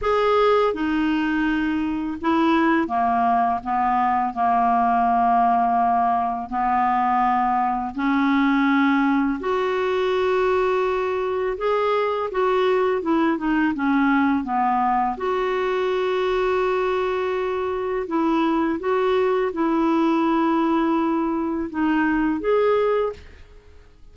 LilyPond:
\new Staff \with { instrumentName = "clarinet" } { \time 4/4 \tempo 4 = 83 gis'4 dis'2 e'4 | ais4 b4 ais2~ | ais4 b2 cis'4~ | cis'4 fis'2. |
gis'4 fis'4 e'8 dis'8 cis'4 | b4 fis'2.~ | fis'4 e'4 fis'4 e'4~ | e'2 dis'4 gis'4 | }